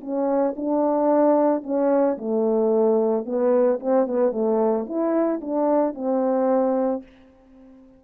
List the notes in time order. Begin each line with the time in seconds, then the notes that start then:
0.00 C#4
0.56 D4
1.62 C#4
2.17 A3
3.25 B3
3.79 C4
4.07 B3
4.32 A3
4.86 E4
5.41 D4
5.94 C4